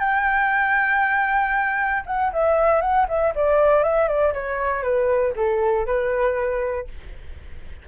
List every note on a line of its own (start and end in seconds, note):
0.00 2.03 G5
2.06 2.32 F#5
2.33 2.82 E5
2.82 3.07 F#5
3.09 3.34 E5
3.36 3.84 D5
3.84 4.08 E5
4.08 4.34 D5
4.34 4.83 C#5
4.83 5.34 B4
5.36 5.86 A4
5.86 6.88 B4